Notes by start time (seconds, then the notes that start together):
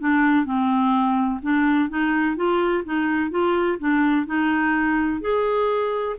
0.00 D4
0.45 C4
1.42 D4
1.90 D#4
2.36 F4
2.85 D#4
3.31 F4
3.79 D4
4.26 D#4
5.21 G#4